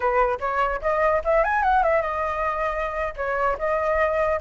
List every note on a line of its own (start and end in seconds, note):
0.00 0.39 B4
0.40 0.80 C#5
0.81 1.22 D#5
1.24 1.44 E5
1.44 1.62 G#5
1.62 1.83 F#5
1.83 2.01 E5
2.01 3.14 D#5
3.16 3.57 C#5
3.58 4.40 D#5